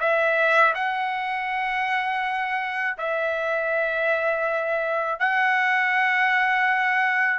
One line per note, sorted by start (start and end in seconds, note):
0.00 0.74 E5
0.75 2.97 F#5
2.98 5.20 E5
5.20 7.40 F#5